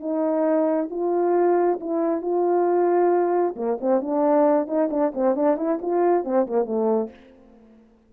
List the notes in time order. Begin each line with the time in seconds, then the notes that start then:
0.00 D#4
0.90 F4
1.80 E4
2.21 F4
3.56 A#3
3.80 C4
4.01 D4
4.67 D#4
4.90 D4
5.14 C4
5.35 D4
5.57 E4
5.81 F4
6.24 C4
6.46 A#3
6.65 A3